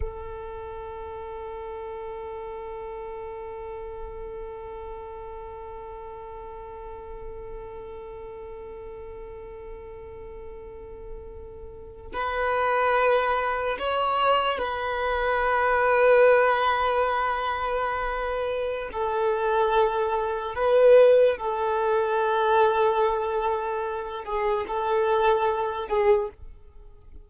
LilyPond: \new Staff \with { instrumentName = "violin" } { \time 4/4 \tempo 4 = 73 a'1~ | a'1~ | a'1~ | a'2~ a'8. b'4~ b'16~ |
b'8. cis''4 b'2~ b'16~ | b'2. a'4~ | a'4 b'4 a'2~ | a'4. gis'8 a'4. gis'8 | }